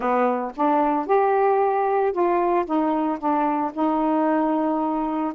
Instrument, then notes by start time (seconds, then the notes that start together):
saxophone
0.00 B3
0.56 D4
1.06 G4
2.12 F4
2.65 D#4
3.18 D4
3.73 D#4